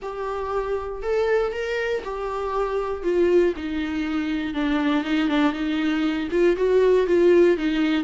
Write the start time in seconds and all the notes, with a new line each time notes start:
0.02 G4
1.02 A4
1.52 A#4
2.04 G4
3.03 F4
3.56 D#4
4.54 D4
5.04 D#4
5.28 D4
5.52 D#4
6.31 F4
6.56 F#4
7.06 F4
7.57 D#4